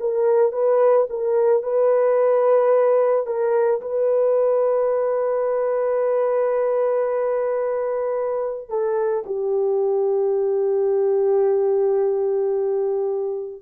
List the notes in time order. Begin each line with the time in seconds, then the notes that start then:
0.00 A#4
0.52 B4
1.09 A#4
1.63 B4
3.26 A#4
3.81 B4
8.69 A4
9.26 G4